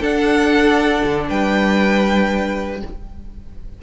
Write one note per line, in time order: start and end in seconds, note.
0.00 1.02 D4
0.00 2.82 D4
0.00 1.27 A4
0.00 1.29 F#5
1.04 1.29 D3
1.29 2.83 G3
1.29 2.81 B4
1.29 2.81 G5